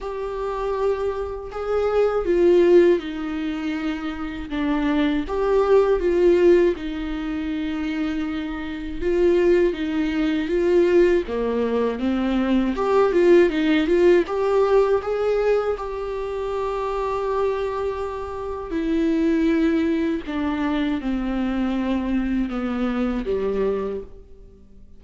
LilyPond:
\new Staff \with { instrumentName = "viola" } { \time 4/4 \tempo 4 = 80 g'2 gis'4 f'4 | dis'2 d'4 g'4 | f'4 dis'2. | f'4 dis'4 f'4 ais4 |
c'4 g'8 f'8 dis'8 f'8 g'4 | gis'4 g'2.~ | g'4 e'2 d'4 | c'2 b4 g4 | }